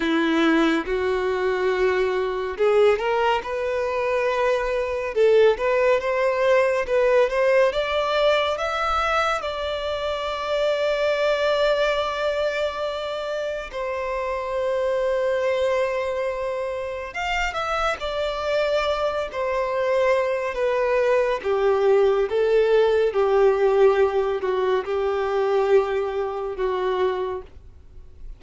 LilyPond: \new Staff \with { instrumentName = "violin" } { \time 4/4 \tempo 4 = 70 e'4 fis'2 gis'8 ais'8 | b'2 a'8 b'8 c''4 | b'8 c''8 d''4 e''4 d''4~ | d''1 |
c''1 | f''8 e''8 d''4. c''4. | b'4 g'4 a'4 g'4~ | g'8 fis'8 g'2 fis'4 | }